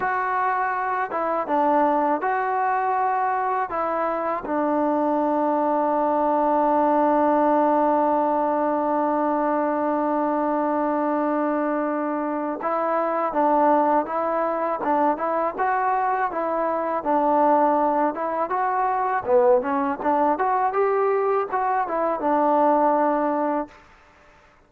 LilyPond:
\new Staff \with { instrumentName = "trombone" } { \time 4/4 \tempo 4 = 81 fis'4. e'8 d'4 fis'4~ | fis'4 e'4 d'2~ | d'1~ | d'1~ |
d'4 e'4 d'4 e'4 | d'8 e'8 fis'4 e'4 d'4~ | d'8 e'8 fis'4 b8 cis'8 d'8 fis'8 | g'4 fis'8 e'8 d'2 | }